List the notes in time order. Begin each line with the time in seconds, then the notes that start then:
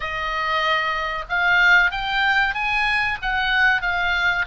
0.00 D#5
1.29 F5
1.91 G5
2.54 G#5
3.22 F#5
3.82 F5